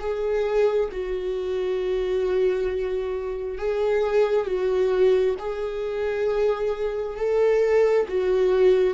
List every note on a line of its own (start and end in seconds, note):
0.00 0.90 G#4
0.92 3.59 F#4
3.59 4.46 G#4
4.46 5.36 F#4
5.39 7.17 G#4
7.17 8.07 A4
8.09 8.94 F#4